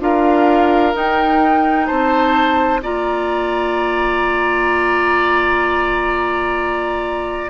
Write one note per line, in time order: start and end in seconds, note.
0.00 0.94 D4
0.00 0.93 F4
0.00 1.87 A#4
0.00 0.96 F5
0.93 2.81 D#4
0.93 1.89 D#4
0.93 1.87 G5
1.87 2.83 C4
1.87 2.81 C5
1.87 2.80 A5
2.83 7.50 A#3
2.83 7.50 F4
2.83 7.50 D5
2.83 7.50 A#5